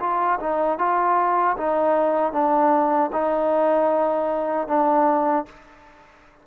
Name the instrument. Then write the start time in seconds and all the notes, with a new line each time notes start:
trombone
0.00 F4
0.40 D#4
0.78 F4
1.57 D#4
2.32 D4
3.12 D#4
4.68 D4